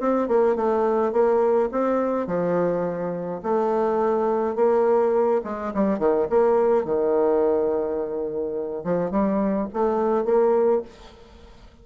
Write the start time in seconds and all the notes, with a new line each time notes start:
0.00 C4
0.28 A#3
0.55 A3
1.12 A#3
1.72 C4
2.27 F3
3.43 A3
4.56 A#3
5.44 G#3
5.74 G3
5.99 D#3
6.29 A#3
6.85 D#3
8.84 F3
9.11 G3
9.73 A3
10.25 A#3